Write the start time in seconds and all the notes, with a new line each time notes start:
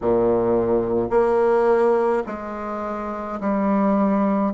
0.01 A#2
1.10 A#3
2.26 G#3
3.40 G3